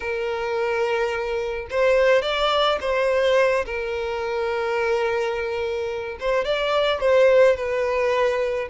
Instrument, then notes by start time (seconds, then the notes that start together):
violin
0.00 A#4
1.70 C5
2.22 D5
2.80 C5
3.65 A#4
6.20 C5
6.44 D5
7.00 C5
7.56 B4